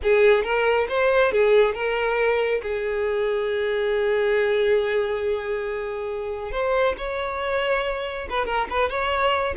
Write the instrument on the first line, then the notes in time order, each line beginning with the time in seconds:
violin
0.02 G#4
0.43 A#4
0.89 C5
1.31 G#4
1.74 A#4
2.62 G#4
6.51 C5
6.97 C#5
8.29 B4
8.45 A#4
8.70 B4
8.89 C#5